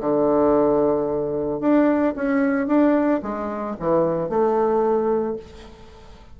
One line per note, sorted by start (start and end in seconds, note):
0.00 1.60 D3
1.60 2.14 D4
2.16 2.67 C#4
2.67 3.20 D4
3.22 3.76 G#3
3.79 4.29 E3
4.29 5.36 A3